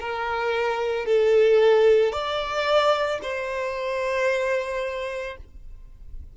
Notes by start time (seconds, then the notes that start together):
0.00 A#4
1.06 A4
2.12 D5
3.23 C5